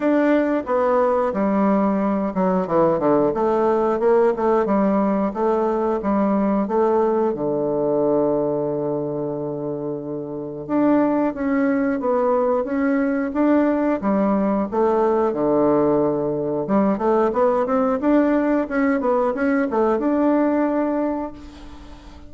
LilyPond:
\new Staff \with { instrumentName = "bassoon" } { \time 4/4 \tempo 4 = 90 d'4 b4 g4. fis8 | e8 d8 a4 ais8 a8 g4 | a4 g4 a4 d4~ | d1 |
d'4 cis'4 b4 cis'4 | d'4 g4 a4 d4~ | d4 g8 a8 b8 c'8 d'4 | cis'8 b8 cis'8 a8 d'2 | }